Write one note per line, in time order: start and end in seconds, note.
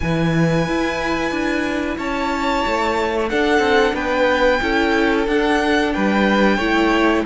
0.00 0.67 E3
0.00 3.28 E4
0.00 1.97 B4
0.00 1.98 G#5
0.67 1.31 E4
1.31 1.97 D4
1.97 2.63 C#4
1.97 3.29 C#5
1.97 3.29 A5
2.66 3.31 A3
3.28 4.60 D4
3.28 3.59 D4
3.28 3.94 A4
3.28 3.95 F#5
3.59 3.92 C4
3.93 4.59 B3
3.93 4.60 B4
3.93 5.27 G5
4.60 5.27 C#4
4.60 5.26 E4
4.60 5.94 A4
5.27 5.92 D4
5.27 6.60 D4
5.27 5.93 F#5
5.93 6.58 G3
5.93 6.56 B4
5.93 7.24 G5
6.56 7.24 A3
6.56 7.25 E4
6.56 7.22 C#5